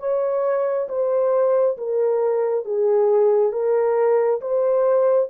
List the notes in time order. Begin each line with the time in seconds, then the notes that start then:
0.00 C#5
0.89 C5
1.78 A#4
2.66 G#4
3.53 A#4
4.42 C5